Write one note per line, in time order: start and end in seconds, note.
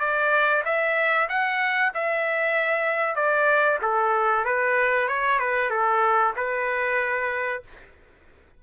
0.00 0.63 D5
0.65 1.29 E5
1.29 1.92 F#5
1.94 3.16 E5
3.16 3.79 D5
3.82 4.45 A4
4.45 5.08 B4
5.08 5.39 C#5
5.39 5.70 B4
5.70 6.34 A4
6.37 7.63 B4